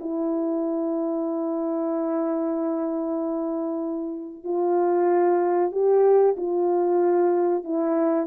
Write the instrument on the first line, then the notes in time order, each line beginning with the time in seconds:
horn
0.00 E4
4.44 F4
5.72 G4
6.37 F4
7.64 E4